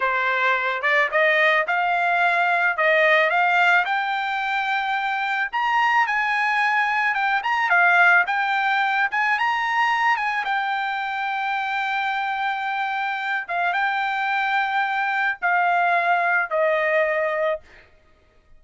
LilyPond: \new Staff \with { instrumentName = "trumpet" } { \time 4/4 \tempo 4 = 109 c''4. d''8 dis''4 f''4~ | f''4 dis''4 f''4 g''4~ | g''2 ais''4 gis''4~ | gis''4 g''8 ais''8 f''4 g''4~ |
g''8 gis''8 ais''4. gis''8 g''4~ | g''1~ | g''8 f''8 g''2. | f''2 dis''2 | }